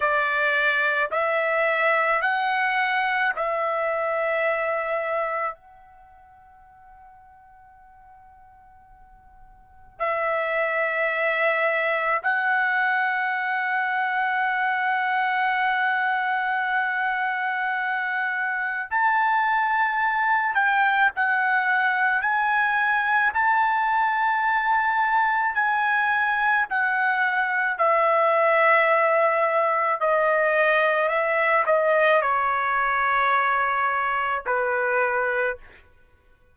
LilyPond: \new Staff \with { instrumentName = "trumpet" } { \time 4/4 \tempo 4 = 54 d''4 e''4 fis''4 e''4~ | e''4 fis''2.~ | fis''4 e''2 fis''4~ | fis''1~ |
fis''4 a''4. g''8 fis''4 | gis''4 a''2 gis''4 | fis''4 e''2 dis''4 | e''8 dis''8 cis''2 b'4 | }